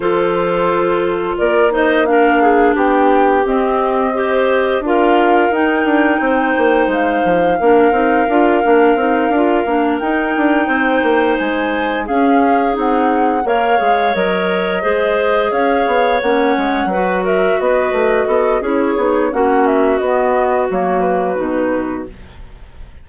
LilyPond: <<
  \new Staff \with { instrumentName = "flute" } { \time 4/4 \tempo 4 = 87 c''2 d''8 dis''8 f''4 | g''4 dis''2 f''4 | g''2 f''2~ | f''2~ f''8 g''4.~ |
g''8 gis''4 f''4 fis''4 f''8~ | f''8 dis''2 f''4 fis''8~ | fis''4 e''8 dis''4. cis''4 | fis''8 e''8 dis''4 cis''8 b'4. | }
  \new Staff \with { instrumentName = "clarinet" } { \time 4/4 a'2 ais'8 c''8 ais'8 gis'8 | g'2 c''4 ais'4~ | ais'4 c''2 ais'4~ | ais'2.~ ais'8 c''8~ |
c''4. gis'2 cis''8~ | cis''4. c''4 cis''4.~ | cis''8 b'8 ais'8 b'4 a'8 gis'4 | fis'1 | }
  \new Staff \with { instrumentName = "clarinet" } { \time 4/4 f'2~ f'8 dis'8 d'4~ | d'4 c'4 g'4 f'4 | dis'2. d'8 dis'8 | f'8 d'8 dis'8 f'8 d'8 dis'4.~ |
dis'4. cis'4 dis'4 ais'8 | gis'8 ais'4 gis'2 cis'8~ | cis'8 fis'2~ fis'8 e'8 dis'8 | cis'4 b4 ais4 dis'4 | }
  \new Staff \with { instrumentName = "bassoon" } { \time 4/4 f2 ais2 | b4 c'2 d'4 | dis'8 d'8 c'8 ais8 gis8 f8 ais8 c'8 | d'8 ais8 c'8 d'8 ais8 dis'8 d'8 c'8 |
ais8 gis4 cis'4 c'4 ais8 | gis8 fis4 gis4 cis'8 b8 ais8 | gis8 fis4 b8 a8 b8 cis'8 b8 | ais4 b4 fis4 b,4 | }
>>